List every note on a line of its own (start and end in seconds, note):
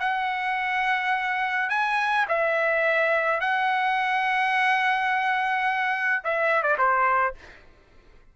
0.00 1.70 F#5
1.70 2.26 G#5
2.28 3.40 E5
3.40 6.23 F#5
6.24 6.63 E5
6.63 6.77 D5
6.78 7.35 C5